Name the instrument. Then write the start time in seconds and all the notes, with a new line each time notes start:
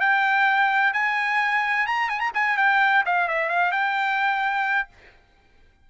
trumpet
0.00 G5
0.93 G#5
1.86 A#5
2.09 G#5
2.19 A#5
2.34 G#5
2.57 G5
3.06 F5
3.28 E5
3.49 F5
3.71 G5